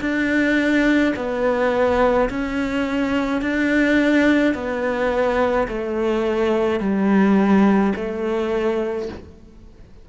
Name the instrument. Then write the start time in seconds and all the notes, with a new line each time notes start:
cello
0.00 D4
1.16 B3
2.30 C#4
3.41 D4
4.54 B3
5.68 A3
6.80 G3
7.95 A3